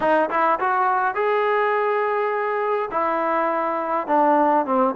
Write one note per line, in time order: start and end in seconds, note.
0.00 0.29 D#4
0.29 0.59 E4
0.59 1.15 F#4
1.15 2.89 G#4
2.91 4.07 E4
4.07 4.65 D4
4.65 4.94 C4